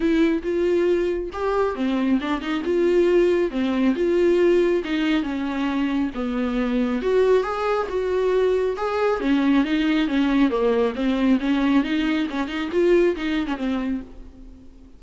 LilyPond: \new Staff \with { instrumentName = "viola" } { \time 4/4 \tempo 4 = 137 e'4 f'2 g'4 | c'4 d'8 dis'8 f'2 | c'4 f'2 dis'4 | cis'2 b2 |
fis'4 gis'4 fis'2 | gis'4 cis'4 dis'4 cis'4 | ais4 c'4 cis'4 dis'4 | cis'8 dis'8 f'4 dis'8. cis'16 c'4 | }